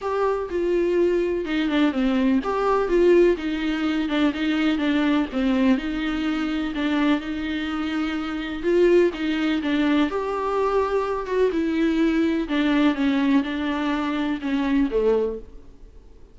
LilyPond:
\new Staff \with { instrumentName = "viola" } { \time 4/4 \tempo 4 = 125 g'4 f'2 dis'8 d'8 | c'4 g'4 f'4 dis'4~ | dis'8 d'8 dis'4 d'4 c'4 | dis'2 d'4 dis'4~ |
dis'2 f'4 dis'4 | d'4 g'2~ g'8 fis'8 | e'2 d'4 cis'4 | d'2 cis'4 a4 | }